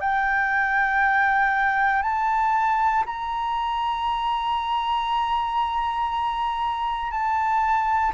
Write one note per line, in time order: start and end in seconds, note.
0.00 2.02 G5
2.02 3.04 A5
3.06 7.10 A#5
7.10 8.12 A5